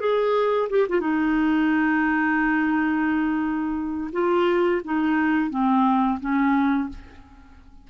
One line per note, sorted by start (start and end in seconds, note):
0.00 0.69 G#4
0.70 0.87 G4
0.89 1.00 F4
1.00 4.11 D#4
4.13 4.82 F4
4.85 5.50 D#4
5.50 6.19 C4
6.20 6.89 C#4